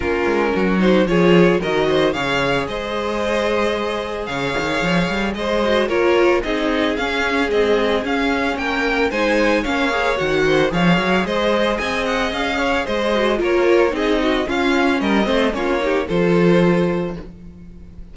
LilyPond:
<<
  \new Staff \with { instrumentName = "violin" } { \time 4/4 \tempo 4 = 112 ais'4. c''8 cis''4 dis''4 | f''4 dis''2. | f''2 dis''4 cis''4 | dis''4 f''4 dis''4 f''4 |
g''4 gis''4 f''4 fis''4 | f''4 dis''4 gis''8 fis''8 f''4 | dis''4 cis''4 dis''4 f''4 | dis''4 cis''4 c''2 | }
  \new Staff \with { instrumentName = "violin" } { \time 4/4 f'4 fis'4 gis'4 ais'8 c''8 | cis''4 c''2. | cis''2 c''4 ais'4 | gis'1 |
ais'4 c''4 cis''4. c''8 | cis''4 c''4 dis''4. cis''8 | c''4 ais'4 gis'8 fis'8 f'4 | ais'8 c''8 f'8 g'8 a'2 | }
  \new Staff \with { instrumentName = "viola" } { \time 4/4 cis'4. dis'8 f'4 fis'4 | gis'1~ | gis'2~ gis'8 fis'8 f'4 | dis'4 cis'4 gis4 cis'4~ |
cis'4 dis'4 cis'8 gis'8 fis'4 | gis'1~ | gis'8 fis'8 f'4 dis'4 cis'4~ | cis'8 c'8 cis'8 dis'8 f'2 | }
  \new Staff \with { instrumentName = "cello" } { \time 4/4 ais8 gis8 fis4 f4 dis4 | cis4 gis2. | cis8 dis8 f8 g8 gis4 ais4 | c'4 cis'4 c'4 cis'4 |
ais4 gis4 ais4 dis4 | f8 fis8 gis4 c'4 cis'4 | gis4 ais4 c'4 cis'4 | g8 a8 ais4 f2 | }
>>